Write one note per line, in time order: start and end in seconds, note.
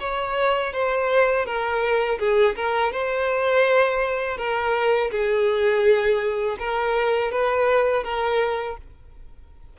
0.00 0.73 C#5
0.73 1.46 C5
1.46 2.19 A#4
2.19 2.56 G#4
2.56 2.92 A#4
2.92 4.38 C5
4.38 5.11 A#4
5.11 6.58 G#4
6.59 7.32 A#4
7.32 8.04 B4
8.04 8.77 A#4